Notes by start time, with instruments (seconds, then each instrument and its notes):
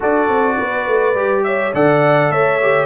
0.00 tuba D4, trombone F#4, horn A4, trumpet D5
0.28 tuba C4
0.57 tuba B3, horn B4
0.87 tuba A3
1.14 tuba G3, trombone G4
1.43 horn C#5, trumpet E5
1.73 tuba D3, trombone A4, horn D5, trumpet F#5
2.30 tuba A3, horn C#5, trumpet E5
2.61 trombone G4